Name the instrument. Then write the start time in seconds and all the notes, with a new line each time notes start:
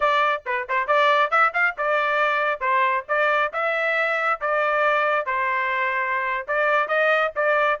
trumpet
0.00 D5
0.46 B4
0.68 C5
0.87 D5
1.30 E5
1.53 F5
1.77 D5
2.60 C5
3.08 D5
3.52 E5
4.40 D5
5.26 C5
6.47 D5
6.87 D#5
7.35 D5